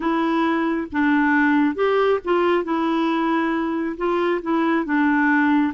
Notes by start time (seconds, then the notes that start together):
0.00 E4
0.91 D4
1.74 G4
2.24 F4
2.64 E4
3.97 F4
4.42 E4
4.85 D4